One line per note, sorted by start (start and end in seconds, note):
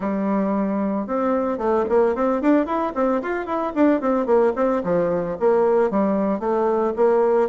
0.00 1.06 G3
1.06 1.58 C4
1.58 1.85 A3
1.89 2.15 A#3
2.15 2.41 C4
2.41 2.66 D4
2.66 2.92 E4
2.95 3.21 C4
3.21 3.46 F4
3.46 3.72 E4
3.75 4.00 D4
4.00 4.26 C4
4.26 4.53 A#3
4.55 4.82 C4
4.83 5.37 F3
5.39 5.90 A#3
5.90 6.39 G3
6.39 6.93 A3
6.95 7.49 A#3